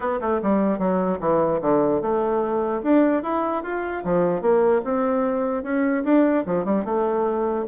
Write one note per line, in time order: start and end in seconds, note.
0.00 0.20 B3
0.20 0.40 A3
0.42 0.78 G3
0.78 1.19 F#3
1.20 1.60 E3
1.61 2.01 D3
2.01 2.82 A3
2.83 3.23 D4
3.23 3.63 E4
3.63 4.03 F4
4.04 4.41 F3
4.41 4.81 A#3
4.84 5.63 C4
5.63 6.03 C#4
6.04 6.44 D4
6.46 6.65 F3
6.65 6.85 G3
6.85 7.65 A3